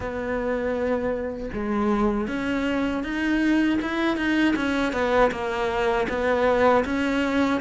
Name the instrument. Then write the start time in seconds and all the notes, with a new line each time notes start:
cello
0.00 B3
1.53 G#3
2.28 C#4
3.03 D#4
3.81 E4
4.16 D#4
4.56 C#4
4.92 B3
5.31 A#3
6.08 B3
6.84 C#4